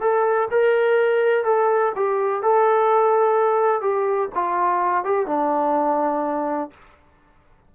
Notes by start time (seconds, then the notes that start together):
0.00 A4
0.50 A#4
1.44 A4
1.95 G4
2.42 A4
3.81 G4
4.34 F4
5.04 G4
5.26 D4